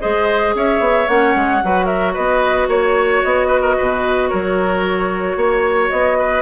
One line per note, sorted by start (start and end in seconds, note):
0.00 0.55 G#3
0.00 1.07 G#4
0.00 0.54 C5
0.00 0.54 D#5
0.55 0.79 C#4
0.55 1.63 C#5
0.55 1.08 E5
0.79 1.06 B3
1.07 1.35 A#3
1.07 1.61 C#4
1.07 1.86 F#5
1.35 1.61 G#3
1.62 2.17 F#3
1.62 6.42 F#4
1.62 1.85 B4
1.85 2.12 A#4
1.85 2.12 E5
2.14 2.68 B3
2.14 2.67 B4
2.14 2.68 D#5
2.68 3.21 A#3
2.68 3.22 C#5
2.68 3.47 C#5
3.23 3.78 B3
3.23 4.28 D#5
3.47 3.60 B4
3.61 3.75 A#4
3.77 4.33 B2
3.77 4.29 B4
4.28 5.36 F#3
4.28 5.36 A#4
4.28 5.89 C#5
5.36 5.89 A#3
5.36 6.18 C#5
5.89 6.42 B3
5.89 6.42 D#5
6.18 6.42 B4